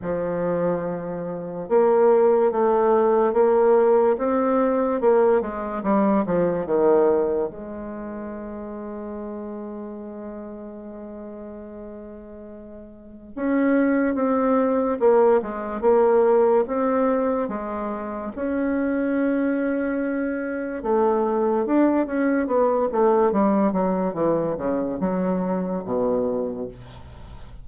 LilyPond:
\new Staff \with { instrumentName = "bassoon" } { \time 4/4 \tempo 4 = 72 f2 ais4 a4 | ais4 c'4 ais8 gis8 g8 f8 | dis4 gis2.~ | gis1 |
cis'4 c'4 ais8 gis8 ais4 | c'4 gis4 cis'2~ | cis'4 a4 d'8 cis'8 b8 a8 | g8 fis8 e8 cis8 fis4 b,4 | }